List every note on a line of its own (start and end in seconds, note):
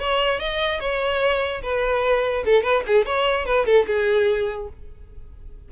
0.00 0.40 C#5
0.40 0.80 D#5
0.80 1.62 C#5
1.63 2.45 B4
2.46 2.63 A4
2.63 2.83 B4
2.87 3.06 G#4
3.06 3.46 C#5
3.46 3.66 B4
3.66 3.86 A4
3.87 4.69 G#4